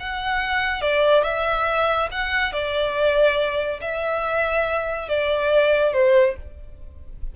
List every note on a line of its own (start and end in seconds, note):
0.00 0.82 F#5
0.82 1.24 D5
1.24 2.09 E5
2.11 2.53 F#5
2.53 3.80 D5
3.81 5.09 E5
5.09 5.93 D5
5.93 6.36 C5